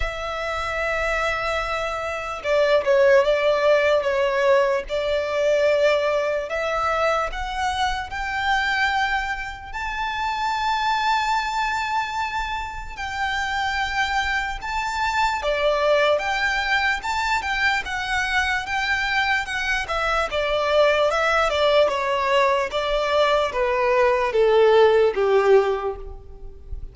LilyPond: \new Staff \with { instrumentName = "violin" } { \time 4/4 \tempo 4 = 74 e''2. d''8 cis''8 | d''4 cis''4 d''2 | e''4 fis''4 g''2 | a''1 |
g''2 a''4 d''4 | g''4 a''8 g''8 fis''4 g''4 | fis''8 e''8 d''4 e''8 d''8 cis''4 | d''4 b'4 a'4 g'4 | }